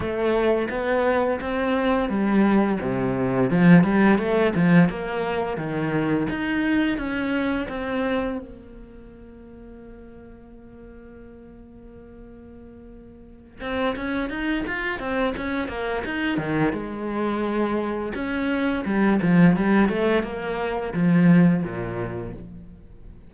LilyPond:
\new Staff \with { instrumentName = "cello" } { \time 4/4 \tempo 4 = 86 a4 b4 c'4 g4 | c4 f8 g8 a8 f8 ais4 | dis4 dis'4 cis'4 c'4 | ais1~ |
ais2.~ ais8 c'8 | cis'8 dis'8 f'8 c'8 cis'8 ais8 dis'8 dis8 | gis2 cis'4 g8 f8 | g8 a8 ais4 f4 ais,4 | }